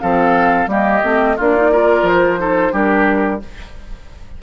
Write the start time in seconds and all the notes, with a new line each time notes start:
0.00 F3 C4 A4 F5
0.67 G3 A#3 G4 D#5
1.02 A3 C4
1.36 A#3 D4 F4 D5
1.56 D#4
1.72 F4 A#4
2.02 F3 C5
2.38 D#4 A4
2.71 G3 D4 G4 A#4